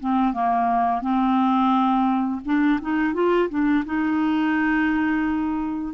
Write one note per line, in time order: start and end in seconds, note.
0.00 0.34 C4
0.34 1.01 A#3
1.01 2.41 C4
2.45 2.80 D4
2.82 3.14 D#4
3.14 3.49 F4
3.49 3.84 D4
3.86 5.94 D#4